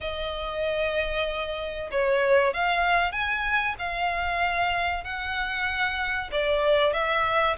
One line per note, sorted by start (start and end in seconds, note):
0.00 1.90 D#5
1.91 2.53 C#5
2.53 3.11 F5
3.11 3.75 G#5
3.78 5.04 F5
5.04 6.30 F#5
6.31 6.93 D5
6.93 7.56 E5